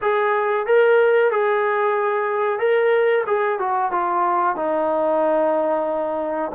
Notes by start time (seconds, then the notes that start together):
0.01 G#4
0.66 A#4
1.31 G#4
2.59 A#4
3.26 G#4
3.59 F#4
3.91 F4
4.56 D#4